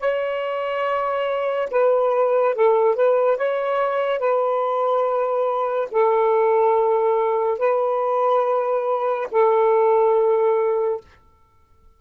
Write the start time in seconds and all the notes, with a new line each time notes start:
0.00 C#5
1.71 B4
2.55 A4
2.95 B4
3.37 C#5
4.19 B4
5.92 A4
7.58 B4
9.31 A4